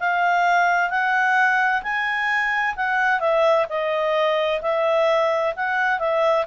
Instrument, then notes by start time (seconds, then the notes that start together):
clarinet
0.00 F5
0.91 F#5
1.83 G#5
2.77 F#5
3.21 E5
3.70 D#5
4.62 E5
5.56 F#5
6.00 E5